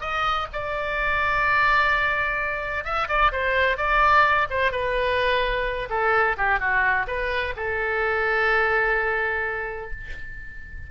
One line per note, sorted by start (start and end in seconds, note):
0.00 0.47 D#5
0.53 2.84 D5
2.84 3.08 E5
3.08 3.32 D5
3.32 3.77 C5
3.77 4.47 D5
4.50 4.71 C5
4.71 5.88 B4
5.89 6.36 A4
6.37 6.59 G4
6.59 7.06 F#4
7.07 7.54 B4
7.56 9.91 A4